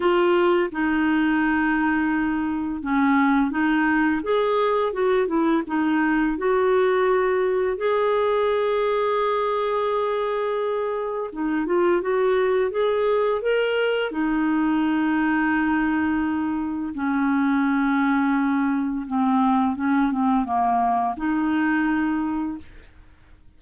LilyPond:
\new Staff \with { instrumentName = "clarinet" } { \time 4/4 \tempo 4 = 85 f'4 dis'2. | cis'4 dis'4 gis'4 fis'8 e'8 | dis'4 fis'2 gis'4~ | gis'1 |
dis'8 f'8 fis'4 gis'4 ais'4 | dis'1 | cis'2. c'4 | cis'8 c'8 ais4 dis'2 | }